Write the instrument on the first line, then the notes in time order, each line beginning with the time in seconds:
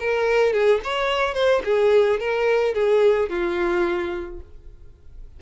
violin
0.00 A#4
0.53 G#4
0.84 C#5
1.34 C5
1.64 G#4
2.20 A#4
2.74 G#4
3.29 F4